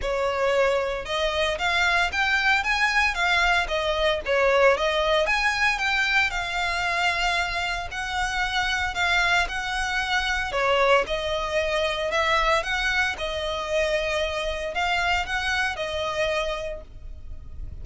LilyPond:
\new Staff \with { instrumentName = "violin" } { \time 4/4 \tempo 4 = 114 cis''2 dis''4 f''4 | g''4 gis''4 f''4 dis''4 | cis''4 dis''4 gis''4 g''4 | f''2. fis''4~ |
fis''4 f''4 fis''2 | cis''4 dis''2 e''4 | fis''4 dis''2. | f''4 fis''4 dis''2 | }